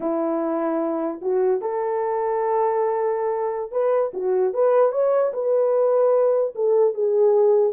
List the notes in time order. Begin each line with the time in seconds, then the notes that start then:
0.00 E4
1.21 F#4
1.61 A4
3.71 B4
4.13 F#4
4.53 B4
4.92 C#5
5.33 B4
6.55 A4
6.94 G#4